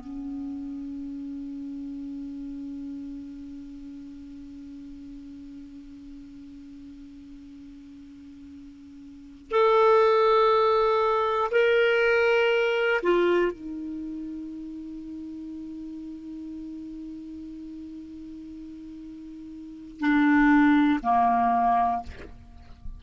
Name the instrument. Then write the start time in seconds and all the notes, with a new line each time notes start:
clarinet
0.00 C#4
9.51 A4
11.51 A#4
13.03 F4
13.52 D#4
20.00 D4
21.03 A#3